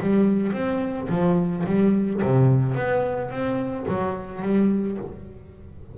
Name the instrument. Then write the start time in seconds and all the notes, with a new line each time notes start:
double bass
0.00 G3
0.52 C4
1.09 F3
1.65 G3
2.22 C3
2.74 B3
3.30 C4
3.88 F#3
4.42 G3